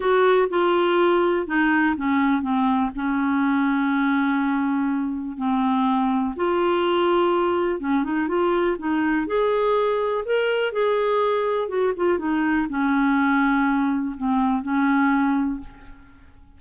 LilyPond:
\new Staff \with { instrumentName = "clarinet" } { \time 4/4 \tempo 4 = 123 fis'4 f'2 dis'4 | cis'4 c'4 cis'2~ | cis'2. c'4~ | c'4 f'2. |
cis'8 dis'8 f'4 dis'4 gis'4~ | gis'4 ais'4 gis'2 | fis'8 f'8 dis'4 cis'2~ | cis'4 c'4 cis'2 | }